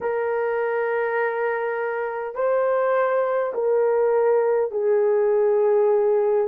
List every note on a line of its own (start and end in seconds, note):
0.01 2.35 A#4
2.35 3.52 C5
3.53 4.71 A#4
4.71 6.47 G#4